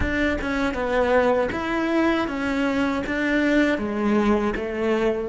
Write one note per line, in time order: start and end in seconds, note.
0.00 0.38 D4
0.41 0.74 C#4
0.74 1.49 B3
1.52 2.28 E4
2.28 3.03 C#4
3.06 3.78 D4
3.78 4.54 G#3
4.56 5.29 A3